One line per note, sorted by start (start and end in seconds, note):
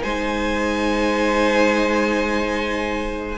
0.00 3.37 G#3
0.00 3.36 D#4
0.00 3.37 C5
0.00 3.37 G#5